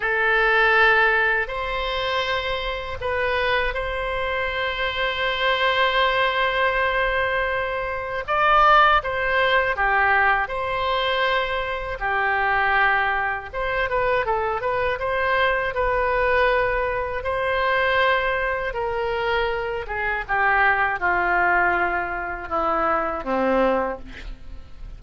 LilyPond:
\new Staff \with { instrumentName = "oboe" } { \time 4/4 \tempo 4 = 80 a'2 c''2 | b'4 c''2.~ | c''2. d''4 | c''4 g'4 c''2 |
g'2 c''8 b'8 a'8 b'8 | c''4 b'2 c''4~ | c''4 ais'4. gis'8 g'4 | f'2 e'4 c'4 | }